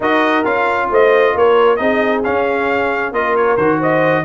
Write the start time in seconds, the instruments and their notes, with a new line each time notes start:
0.00 tuba D#4, trombone F#4, horn A#4, trumpet D#5
0.44 tuba C#4, trombone F4, trumpet F5
0.90 tuba A3, horn C5, trumpet D#5
1.34 tuba A#3, horn A#4, trumpet C#5
1.76 tuba C4, trombone D#4, horn G#4, trumpet D#5
2.24 trombone C#4, tuba C#4, trumpet F5
3.12 tuba A#3, trombone F4, horn A#4, trumpet D#5
3.36 trumpet C#5
3.57 tuba D#3, trombone F#4, trumpet C5
3.79 horn C5, trumpet D#5